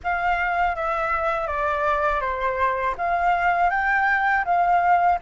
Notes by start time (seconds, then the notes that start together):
0.03 F5
0.75 E5
1.47 D5
2.20 C5
2.97 F5
3.70 G5
4.44 F5